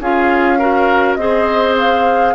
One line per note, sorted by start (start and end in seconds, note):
0.00 1.17 C#4
0.00 0.60 F4
0.00 0.59 G#4
0.00 1.15 F5
0.59 1.19 F#4
0.59 1.18 A#4
1.15 2.35 C4
1.15 2.35 G#4
1.15 2.35 C5
1.15 1.74 D#5
1.79 2.35 F5